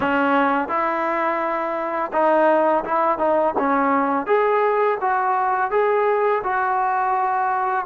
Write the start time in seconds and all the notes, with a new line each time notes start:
0.00 C#4
0.68 E4
2.12 D#4
2.84 E4
3.18 D#4
3.58 C#4
4.26 G#4
5.01 F#4
5.70 G#4
6.43 F#4